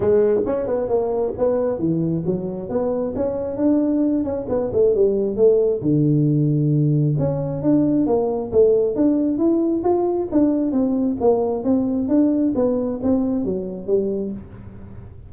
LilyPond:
\new Staff \with { instrumentName = "tuba" } { \time 4/4 \tempo 4 = 134 gis4 cis'8 b8 ais4 b4 | e4 fis4 b4 cis'4 | d'4. cis'8 b8 a8 g4 | a4 d2. |
cis'4 d'4 ais4 a4 | d'4 e'4 f'4 d'4 | c'4 ais4 c'4 d'4 | b4 c'4 fis4 g4 | }